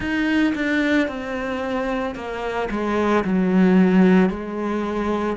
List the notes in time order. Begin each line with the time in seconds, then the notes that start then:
0.00 D#4
0.55 D4
1.08 C4
2.15 A#3
2.70 G#3
3.24 F#3
4.29 G#3